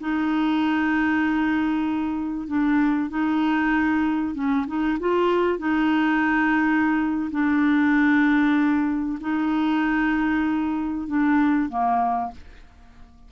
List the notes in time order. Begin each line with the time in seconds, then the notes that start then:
0.00 D#4
2.47 D4
3.09 D#4
4.34 C#4
4.67 D#4
4.99 F4
5.58 D#4
7.31 D4
9.20 D#4
11.07 D4
11.69 A#3